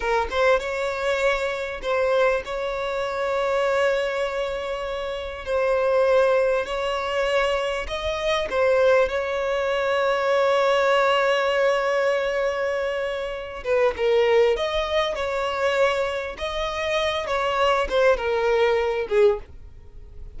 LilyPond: \new Staff \with { instrumentName = "violin" } { \time 4/4 \tempo 4 = 99 ais'8 c''8 cis''2 c''4 | cis''1~ | cis''4 c''2 cis''4~ | cis''4 dis''4 c''4 cis''4~ |
cis''1~ | cis''2~ cis''8 b'8 ais'4 | dis''4 cis''2 dis''4~ | dis''8 cis''4 c''8 ais'4. gis'8 | }